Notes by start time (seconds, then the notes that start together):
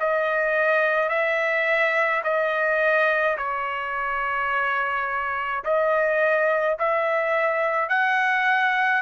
0.00 D#5
1.09 E5
2.24 D#5
3.38 C#5
5.64 D#5
6.79 E5
7.89 F#5